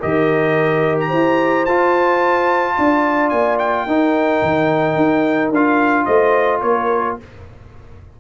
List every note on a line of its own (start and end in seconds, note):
0.00 1.13 D#3
0.00 1.67 G4
0.00 1.08 A#4
0.00 0.98 D#5
1.00 1.66 A#5
1.08 1.67 E4
1.08 2.73 C5
1.66 2.77 F4
1.66 3.88 F4
1.66 3.29 A5
2.77 3.32 D4
2.77 3.87 D5
3.29 3.86 A#3
3.29 3.57 G#5
3.59 5.51 G5
3.86 4.41 D#4
3.86 5.53 D#4
3.86 6.06 A#4
4.42 4.96 D#3
4.96 5.51 D#4
5.51 6.06 D4
5.51 7.20 F4
5.51 6.05 F5
6.05 6.62 A3
6.05 6.61 C5
6.05 6.60 D#5
6.62 7.17 A#3
6.62 7.19 A#4
6.62 7.17 C#5